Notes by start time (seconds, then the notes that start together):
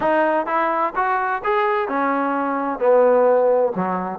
0.00 D#4
0.46 E4
0.95 F#4
1.44 G#4
1.88 C#4
2.79 B3
3.75 F#3